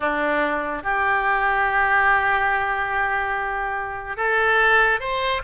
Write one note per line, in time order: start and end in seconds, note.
0.00 0.83 D4
0.83 4.16 G4
4.17 5.00 A4
5.00 5.41 C5